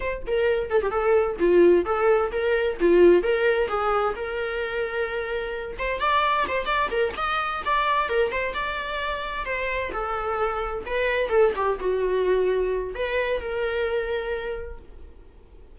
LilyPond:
\new Staff \with { instrumentName = "viola" } { \time 4/4 \tempo 4 = 130 c''8 ais'4 a'16 g'16 a'4 f'4 | a'4 ais'4 f'4 ais'4 | gis'4 ais'2.~ | ais'8 c''8 d''4 c''8 d''8 ais'8 dis''8~ |
dis''8 d''4 ais'8 c''8 d''4.~ | d''8 c''4 a'2 b'8~ | b'8 a'8 g'8 fis'2~ fis'8 | b'4 ais'2. | }